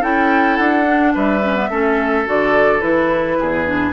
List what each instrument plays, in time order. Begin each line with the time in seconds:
0.00 bassoon C#4, clarinet E4, oboe A4, flute G5
0.57 bassoon D4, flute F#5
0.85 clarinet D4
1.14 bassoon G3, oboe B4, flute E5
1.43 clarinet C#4
1.55 clarinet B3
1.69 bassoon A3, clarinet C#4, oboe A4
2.25 bassoon D3, clarinet F#4, flute D5
2.80 bassoon E3, clarinet E4, flute B4
3.39 bassoon E2, oboe G#4
3.65 clarinet D4